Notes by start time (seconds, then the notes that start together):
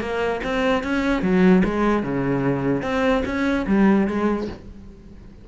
0.00 A#3
0.44 C4
0.83 C#4
1.22 F#3
1.64 G#3
2.03 C#3
2.82 C4
3.25 C#4
3.67 G3
4.07 G#3